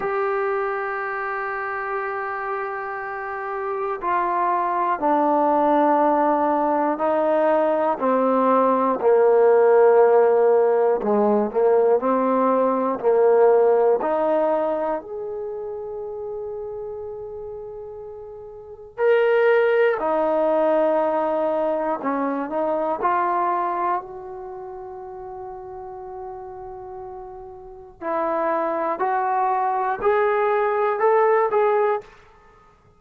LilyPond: \new Staff \with { instrumentName = "trombone" } { \time 4/4 \tempo 4 = 60 g'1 | f'4 d'2 dis'4 | c'4 ais2 gis8 ais8 | c'4 ais4 dis'4 gis'4~ |
gis'2. ais'4 | dis'2 cis'8 dis'8 f'4 | fis'1 | e'4 fis'4 gis'4 a'8 gis'8 | }